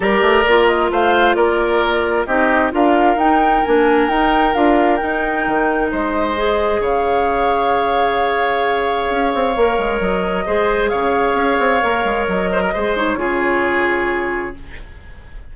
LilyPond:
<<
  \new Staff \with { instrumentName = "flute" } { \time 4/4 \tempo 4 = 132 d''4. dis''8 f''4 d''4~ | d''4 dis''4 f''4 g''4 | gis''4 g''4 f''4 g''4~ | g''4 dis''2 f''4~ |
f''1~ | f''2 dis''2 | f''2. dis''4~ | dis''8 cis''2.~ cis''8 | }
  \new Staff \with { instrumentName = "oboe" } { \time 4/4 ais'2 c''4 ais'4~ | ais'4 g'4 ais'2~ | ais'1~ | ais'4 c''2 cis''4~ |
cis''1~ | cis''2. c''4 | cis''2.~ cis''8 c''16 ais'16 | c''4 gis'2. | }
  \new Staff \with { instrumentName = "clarinet" } { \time 4/4 g'4 f'2.~ | f'4 dis'4 f'4 dis'4 | d'4 dis'4 f'4 dis'4~ | dis'2 gis'2~ |
gis'1~ | gis'4 ais'2 gis'4~ | gis'2 ais'2 | gis'8 dis'8 f'2. | }
  \new Staff \with { instrumentName = "bassoon" } { \time 4/4 g8 a8 ais4 a4 ais4~ | ais4 c'4 d'4 dis'4 | ais4 dis'4 d'4 dis'4 | dis4 gis2 cis4~ |
cis1 | cis'8 c'8 ais8 gis8 fis4 gis4 | cis4 cis'8 c'8 ais8 gis8 fis4 | gis4 cis2. | }
>>